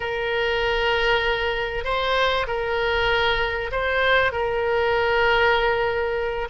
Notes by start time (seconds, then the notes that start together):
0.00 A#4
1.84 C5
2.47 A#4
3.71 C5
4.32 A#4